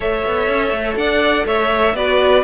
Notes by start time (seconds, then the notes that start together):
0.00 A3 A4 C#5 E5
0.25 B3
0.48 C#4
0.70 A3
0.96 D4 D5 F#5
1.45 A3 C#5 E5
1.93 B3 F#4 B4 D5